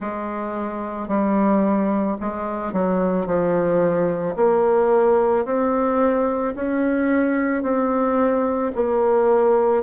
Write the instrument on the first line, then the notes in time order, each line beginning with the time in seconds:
bassoon
0.00 G#3
1.08 G3
2.20 G#3
2.72 F#3
3.26 F3
4.36 A#3
5.45 C4
6.55 C#4
7.62 C4
8.75 A#3